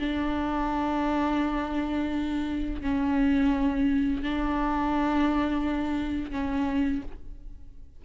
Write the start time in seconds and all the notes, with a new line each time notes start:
0.00 D4
2.82 C#4
4.23 D4
6.31 C#4